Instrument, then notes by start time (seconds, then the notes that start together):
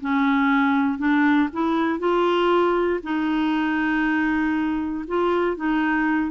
clarinet
0.00 C#4
0.98 D4
1.52 E4
1.99 F4
3.03 D#4
5.07 F4
5.56 D#4